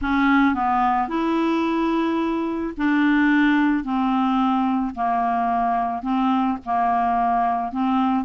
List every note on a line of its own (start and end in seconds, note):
0.02 0.54 C#4
0.54 1.08 B3
1.08 2.73 E4
2.77 3.84 D4
3.84 4.94 C4
4.94 6.02 A#3
6.02 6.57 C4
6.65 7.72 A#3
7.72 8.24 C4